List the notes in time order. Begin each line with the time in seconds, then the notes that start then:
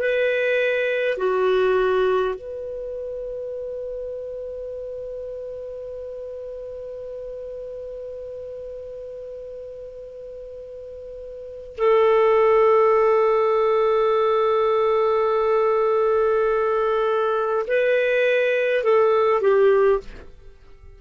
0.00 B4
1.17 F#4
2.35 B4
11.78 A4
17.67 B4
18.83 A4
19.41 G4